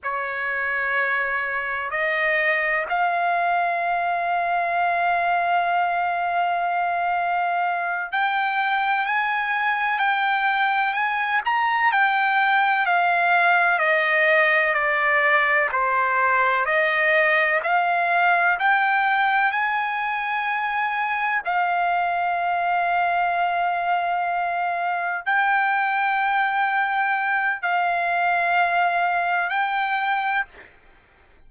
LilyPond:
\new Staff \with { instrumentName = "trumpet" } { \time 4/4 \tempo 4 = 63 cis''2 dis''4 f''4~ | f''1~ | f''8 g''4 gis''4 g''4 gis''8 | ais''8 g''4 f''4 dis''4 d''8~ |
d''8 c''4 dis''4 f''4 g''8~ | g''8 gis''2 f''4.~ | f''2~ f''8 g''4.~ | g''4 f''2 g''4 | }